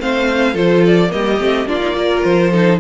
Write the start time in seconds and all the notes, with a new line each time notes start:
0.00 A3 C4 C5 F5
0.53 F3 F4 A4 C5
0.86 D5
1.09 G3 A#3 G4 D#5
1.40 A3 C4
1.65 A#3 D4 F4 D5
1.80 D#4
1.95 F4 A#4
2.24 F3 C5
2.51 D#4 A4